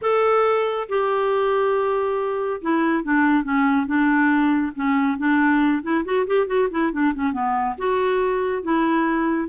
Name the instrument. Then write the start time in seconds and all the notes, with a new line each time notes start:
clarinet
0.01 A4
0.88 G4
2.61 E4
3.03 D4
3.43 C#4
3.86 D4
4.75 C#4
5.18 D4
5.82 E4
6.05 F#4
6.26 G4
6.46 F#4
6.71 E4
6.92 D4
7.14 C#4
7.32 B3
7.78 F#4
8.62 E4